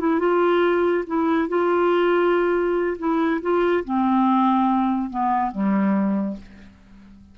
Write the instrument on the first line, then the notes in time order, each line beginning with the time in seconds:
clarinet
0.00 E4
0.20 F4
1.07 E4
1.48 F4
2.98 E4
3.42 F4
3.85 C4
5.10 B3
5.52 G3